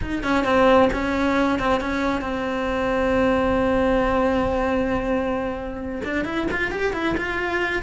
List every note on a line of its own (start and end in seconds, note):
0.01 0.23 D#4
0.23 0.44 C#4
0.44 0.89 C4
0.92 1.59 C#4
1.59 1.80 C4
1.80 2.21 C#4
2.21 6.01 C4
6.04 6.24 D4
6.24 6.47 E4
6.51 6.71 F4
6.71 6.93 G4
6.93 7.15 E4
7.17 7.82 F4